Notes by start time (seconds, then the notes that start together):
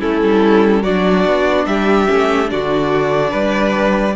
0.00 A3 C#4 E4 A4
0.22 G3
0.83 F#3 D4 F#4 D5
1.26 B3
1.66 G3 G4 E5
2.08 A3 C#4
2.45 D4 F#4 D5
2.52 D3
3.31 G3 B4